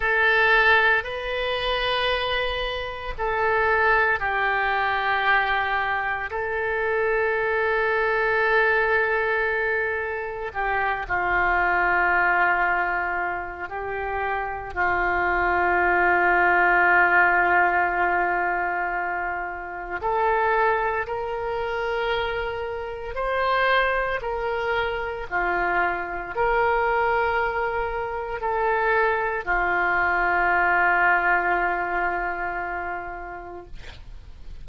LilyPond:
\new Staff \with { instrumentName = "oboe" } { \time 4/4 \tempo 4 = 57 a'4 b'2 a'4 | g'2 a'2~ | a'2 g'8 f'4.~ | f'4 g'4 f'2~ |
f'2. a'4 | ais'2 c''4 ais'4 | f'4 ais'2 a'4 | f'1 | }